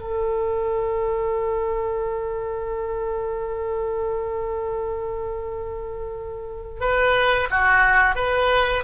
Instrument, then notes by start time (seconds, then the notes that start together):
oboe
0.00 A4
6.81 B4
7.51 F#4
8.16 B4